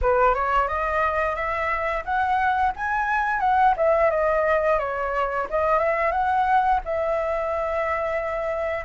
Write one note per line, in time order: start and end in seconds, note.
0.01 0.34 B4
0.34 0.68 C#5
0.68 1.35 D#5
1.35 2.03 E5
2.04 2.72 F#5
2.76 3.40 G#5
3.40 3.74 F#5
3.77 4.10 E5
4.10 4.78 D#5
4.79 5.47 C#5
5.49 5.79 D#5
5.79 6.11 E5
6.11 6.80 F#5
6.84 8.84 E5